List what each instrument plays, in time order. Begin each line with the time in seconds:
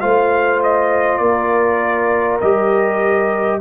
0.00 tuba A3, trombone F4, horn C5, trumpet F5
0.63 trumpet D#5
1.18 tuba A#3, horn A#4, trumpet D5
2.40 tuba G3, trombone G4, trumpet D#5